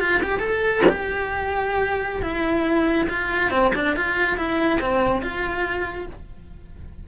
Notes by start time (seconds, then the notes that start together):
0.00 F4
0.23 G4
0.40 A4
0.90 G4
2.22 E4
3.09 F4
3.51 C4
3.75 D4
3.97 F4
4.37 E4
4.81 C4
5.22 F4